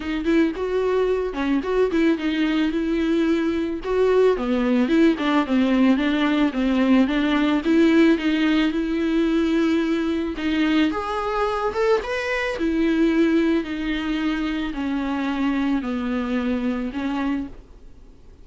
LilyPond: \new Staff \with { instrumentName = "viola" } { \time 4/4 \tempo 4 = 110 dis'8 e'8 fis'4. cis'8 fis'8 e'8 | dis'4 e'2 fis'4 | b4 e'8 d'8 c'4 d'4 | c'4 d'4 e'4 dis'4 |
e'2. dis'4 | gis'4. a'8 b'4 e'4~ | e'4 dis'2 cis'4~ | cis'4 b2 cis'4 | }